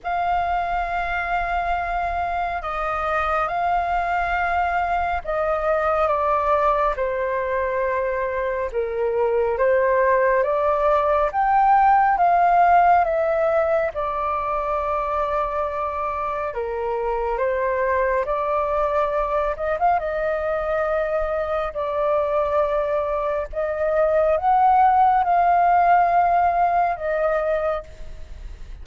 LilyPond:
\new Staff \with { instrumentName = "flute" } { \time 4/4 \tempo 4 = 69 f''2. dis''4 | f''2 dis''4 d''4 | c''2 ais'4 c''4 | d''4 g''4 f''4 e''4 |
d''2. ais'4 | c''4 d''4. dis''16 f''16 dis''4~ | dis''4 d''2 dis''4 | fis''4 f''2 dis''4 | }